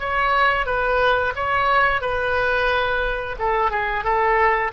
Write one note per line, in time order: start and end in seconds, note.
0.00 0.66 C#5
0.66 1.33 B4
1.35 2.01 C#5
2.01 3.36 B4
3.39 3.71 A4
3.71 4.04 G#4
4.04 4.71 A4